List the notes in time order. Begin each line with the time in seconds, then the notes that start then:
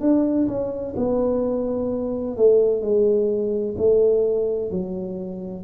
0.00 D4
0.47 C#4
0.96 B3
2.36 A3
2.81 G#3
3.78 A3
4.70 F#3